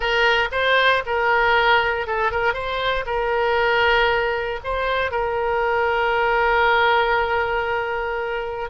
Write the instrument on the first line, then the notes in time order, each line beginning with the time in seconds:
oboe
0.00 A#4
0.51 C5
1.06 A#4
2.07 A4
2.31 A#4
2.53 C5
3.06 A#4
4.64 C5
5.11 A#4